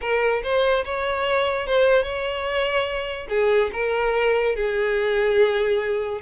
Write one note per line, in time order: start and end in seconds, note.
0.01 0.42 A#4
0.43 0.84 C5
0.84 1.67 C#5
1.67 2.03 C5
2.03 3.27 C#5
3.29 3.70 G#4
3.72 4.55 A#4
4.55 6.21 G#4